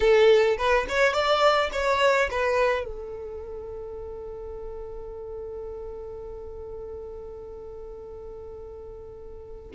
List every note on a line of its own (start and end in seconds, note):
0.00 0.57 A4
0.57 0.86 B4
0.88 1.13 C#5
1.13 1.70 D5
1.72 2.29 C#5
2.30 2.84 B4
2.84 9.70 A4